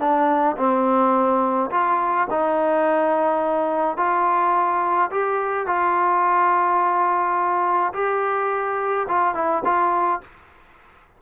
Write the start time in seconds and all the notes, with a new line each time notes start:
0.00 D4
0.57 C4
1.71 F4
2.31 D#4
3.97 F4
5.11 G4
5.67 F4
7.94 G4
9.08 F4
9.35 E4
9.65 F4